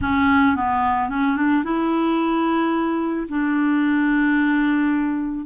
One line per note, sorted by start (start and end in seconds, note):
0.01 0.55 C#4
0.55 1.09 B3
1.09 1.36 C#4
1.36 1.63 D4
1.64 3.27 E4
3.28 5.45 D4